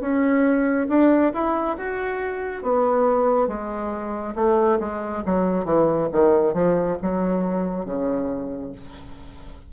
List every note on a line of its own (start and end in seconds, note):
0.00 0.87 C#4
0.89 1.32 D4
1.33 1.77 E4
1.77 2.62 F#4
2.62 3.47 B3
3.47 4.34 G#3
4.35 4.79 A3
4.79 5.23 G#3
5.25 5.64 F#3
5.64 6.08 E3
6.12 6.53 D#3
6.53 6.97 F3
7.02 7.85 F#3
7.85 8.72 C#3